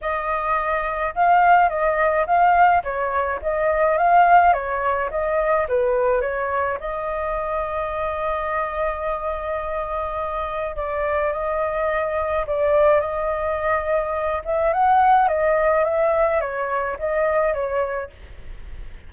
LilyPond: \new Staff \with { instrumentName = "flute" } { \time 4/4 \tempo 4 = 106 dis''2 f''4 dis''4 | f''4 cis''4 dis''4 f''4 | cis''4 dis''4 b'4 cis''4 | dis''1~ |
dis''2. d''4 | dis''2 d''4 dis''4~ | dis''4. e''8 fis''4 dis''4 | e''4 cis''4 dis''4 cis''4 | }